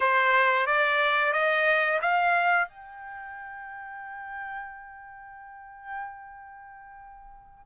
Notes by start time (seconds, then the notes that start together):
0.00 C5
0.66 D5
1.32 D#5
2.02 F5
2.68 G5